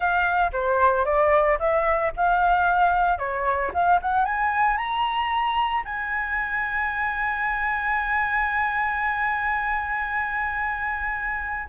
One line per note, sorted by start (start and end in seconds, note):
0.00 0.51 F5
0.52 1.05 C5
1.05 1.58 D5
1.59 2.12 E5
2.16 3.18 F5
3.18 3.71 C#5
3.73 4.00 F5
4.01 4.25 F#5
4.25 4.77 G#5
4.77 5.83 A#5
5.84 11.68 G#5